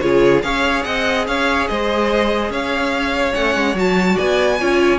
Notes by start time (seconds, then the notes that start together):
0.00 C#3 F4 G#4 C#5
0.42 C#4 G#4 C#5 F5
0.83 C4 D#5 F#5
1.27 C#4 C#5 F5
1.68 G#3 C5 D#5
2.50 C#4 C#5 F5
3.32 A3 C#4 F#5
3.55 G#3
3.74 F#3 F#4 A5
4.15 B3 D5 G#5
4.59 C#4 F4 C#5